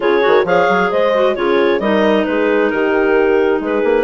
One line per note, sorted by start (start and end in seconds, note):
0.00 0.24 C#3
0.00 0.21 F4
0.00 0.44 G#4
0.00 0.45 C#5
0.21 0.44 D#3
0.21 0.43 F#4
0.44 0.66 F3
0.44 1.13 G#4
0.44 0.89 C#5
0.44 0.91 F5
0.68 0.91 F#3
0.90 1.36 G#3
0.90 1.35 C5
0.90 1.35 D#5
1.14 1.35 F#4
1.35 1.79 C#3
1.35 1.80 F4
1.35 1.81 G#4
1.35 1.80 C#5
1.79 2.24 G3
1.79 4.04 D#4
1.79 2.26 A#4
1.79 2.25 D#5
2.25 2.72 G#3
2.25 2.71 G#4
2.25 2.70 B4
2.70 3.60 D#3
2.70 3.61 G4
2.70 3.60 A#4
3.60 3.82 G#3
3.60 4.04 G#4
3.60 4.04 B4
3.83 4.04 A#3